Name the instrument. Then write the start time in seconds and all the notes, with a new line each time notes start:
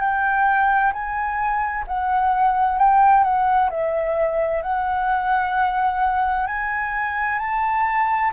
flute
0.00 G5
0.93 G#5
1.88 F#5
2.79 G5
3.24 F#5
3.70 E5
4.63 F#5
6.47 G#5
7.39 A5